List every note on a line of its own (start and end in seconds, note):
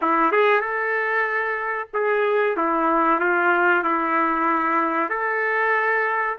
0.01 0.32 E4
0.32 0.60 G#4
0.60 1.87 A4
1.93 2.56 G#4
2.56 3.19 E4
3.19 3.83 F4
3.83 5.09 E4
5.09 6.37 A4